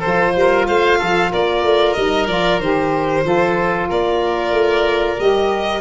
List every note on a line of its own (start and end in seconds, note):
0.00 1.97 F4
0.00 0.32 A4
0.00 0.66 C5
0.06 0.36 F3
0.36 0.68 G3
0.36 0.68 A#4
0.68 1.01 A3
0.68 0.99 C5
0.68 1.32 F5
0.99 1.34 F3
0.99 1.31 A4
1.32 1.63 A#3
1.32 3.25 A#4
1.32 1.94 D5
1.63 1.95 A3
1.94 2.28 G3
1.94 2.28 D#4
1.94 2.26 D#5
2.28 2.60 F3
2.28 2.61 F4
2.28 2.60 D5
2.60 3.24 D#3
2.60 3.24 G4
2.60 3.89 C5
3.24 3.90 F3
3.24 5.17 F4
3.24 3.89 A4
3.89 4.52 A#3
3.89 5.82 A#4
3.89 5.20 D5
4.52 5.17 A3
5.17 5.82 G3
5.17 5.82 G4
5.17 5.82 D#5